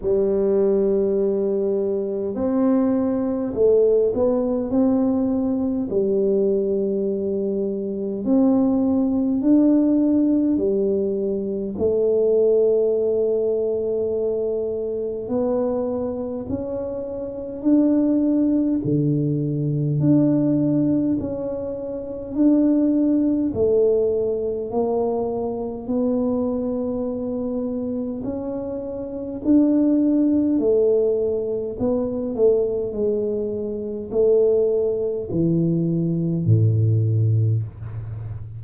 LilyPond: \new Staff \with { instrumentName = "tuba" } { \time 4/4 \tempo 4 = 51 g2 c'4 a8 b8 | c'4 g2 c'4 | d'4 g4 a2~ | a4 b4 cis'4 d'4 |
d4 d'4 cis'4 d'4 | a4 ais4 b2 | cis'4 d'4 a4 b8 a8 | gis4 a4 e4 a,4 | }